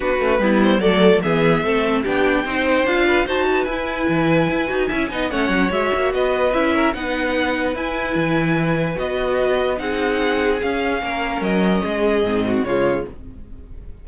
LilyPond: <<
  \new Staff \with { instrumentName = "violin" } { \time 4/4 \tempo 4 = 147 b'4. c''8 d''4 e''4~ | e''4 g''2 f''4 | a''4 gis''2.~ | gis''4 fis''4 e''4 dis''4 |
e''4 fis''2 gis''4~ | gis''2 dis''2 | fis''2 f''2 | dis''2. cis''4 | }
  \new Staff \with { instrumentName = "violin" } { \time 4/4 fis'4 e'4 a'4 gis'4 | a'4 g'4 c''4. b'8 | c''8 b'2.~ b'8 | e''8 dis''8 cis''2 b'4~ |
b'8 ais'8 b'2.~ | b'1 | gis'2. ais'4~ | ais'4 gis'4. fis'8 f'4 | }
  \new Staff \with { instrumentName = "viola" } { \time 4/4 d'8 cis'8 b4 a4 b4 | c'4 d'4 dis'4 f'4 | fis'4 e'2~ e'8 fis'8 | e'8 dis'8 cis'4 fis'2 |
e'4 dis'2 e'4~ | e'2 fis'2 | dis'2 cis'2~ | cis'2 c'4 gis4 | }
  \new Staff \with { instrumentName = "cello" } { \time 4/4 b8 a8 g4 fis4 e4 | a4 b4 c'4 d'4 | dis'4 e'4 e4 e'8 dis'8 | cis'8 b8 a8 fis8 gis8 ais8 b4 |
cis'4 b2 e'4 | e2 b2 | c'2 cis'4 ais4 | fis4 gis4 gis,4 cis4 | }
>>